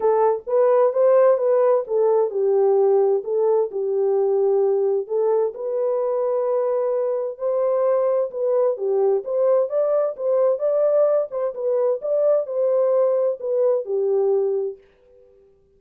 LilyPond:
\new Staff \with { instrumentName = "horn" } { \time 4/4 \tempo 4 = 130 a'4 b'4 c''4 b'4 | a'4 g'2 a'4 | g'2. a'4 | b'1 |
c''2 b'4 g'4 | c''4 d''4 c''4 d''4~ | d''8 c''8 b'4 d''4 c''4~ | c''4 b'4 g'2 | }